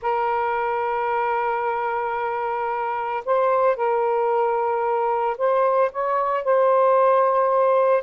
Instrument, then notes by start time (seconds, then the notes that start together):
saxophone
0.02 A#4
3.25 C5
3.76 A#4
5.37 C5
5.91 C#5
6.44 C5